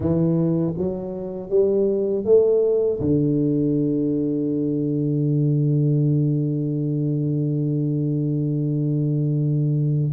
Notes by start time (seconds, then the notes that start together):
0.00 E3
0.77 F#3
1.49 G3
2.25 A3
3.00 D3